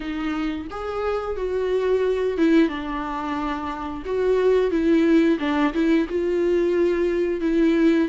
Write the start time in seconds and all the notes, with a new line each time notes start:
0.00 D#4
0.70 G#4
1.36 F#4
2.37 E4
2.68 D4
4.05 F#4
4.70 E4
5.39 D4
5.73 E4
6.09 F4
7.41 E4